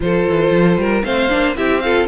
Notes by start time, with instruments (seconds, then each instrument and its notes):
0.00 cello F3, viola F4, violin A4 C5
0.27 cello E3
0.51 cello F3
0.77 cello G3, violin A#4
1.03 cello A3, viola C4, violin C5 F5
1.29 cello A#3, viola D4
1.56 cello C4, viola E4, violin G4 E5
1.80 viola F4, violin A4 F5